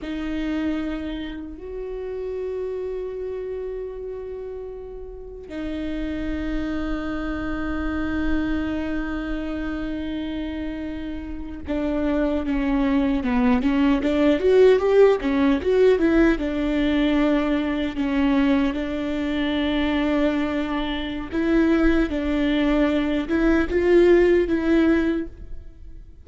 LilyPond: \new Staff \with { instrumentName = "viola" } { \time 4/4 \tempo 4 = 76 dis'2 fis'2~ | fis'2. dis'4~ | dis'1~ | dis'2~ dis'8. d'4 cis'16~ |
cis'8. b8 cis'8 d'8 fis'8 g'8 cis'8 fis'16~ | fis'16 e'8 d'2 cis'4 d'16~ | d'2. e'4 | d'4. e'8 f'4 e'4 | }